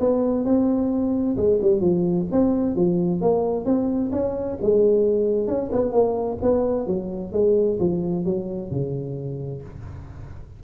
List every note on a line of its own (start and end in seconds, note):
0.00 0.45 B3
0.45 1.36 C4
1.37 1.60 G#3
1.62 1.80 G3
1.80 2.26 F3
2.32 2.75 C4
2.75 3.21 F3
3.21 3.65 A#3
3.65 4.11 C4
4.12 4.58 C#4
4.62 5.48 G#3
5.48 5.70 C#4
5.72 5.92 B3
5.92 6.38 A#3
6.42 6.87 B3
6.87 7.32 F#3
7.32 7.78 G#3
7.80 8.25 F3
8.25 8.71 F#3
8.71 9.62 C#3